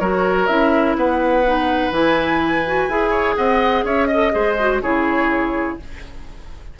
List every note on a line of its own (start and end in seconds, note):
0.00 0.49 F#3
0.00 0.48 F#4
0.00 0.97 A#4
0.00 0.47 C#5
0.47 0.96 C#4
0.47 1.45 E4
0.47 0.95 E5
0.96 1.91 B3
0.96 3.10 B4
0.96 1.94 F#5
1.45 1.93 D#4
1.91 2.88 E3
1.91 2.65 E4
1.91 3.37 G#5
2.67 2.90 F#4
2.89 3.37 E4
2.89 4.11 G#4
3.10 3.35 C#5
3.37 3.84 C4
3.37 3.85 D#5
3.37 3.85 F#5
3.84 4.32 C#4
3.84 4.08 C#5
3.84 4.06 E5
4.06 4.79 D#5
4.06 4.32 D#5
4.13 4.32 A4
4.32 4.82 G#3
4.32 4.56 G#4
4.32 4.82 C5
4.59 4.83 F#4
4.82 5.79 C#3
4.82 5.80 E4
4.82 5.79 G#4
4.82 5.79 C#5